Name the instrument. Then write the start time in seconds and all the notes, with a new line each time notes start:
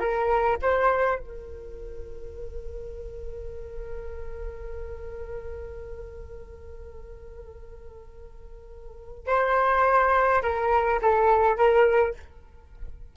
flute
0.00 A#4
0.63 C5
1.19 A#4
9.27 C5
10.43 A#4
11.02 A4
11.57 A#4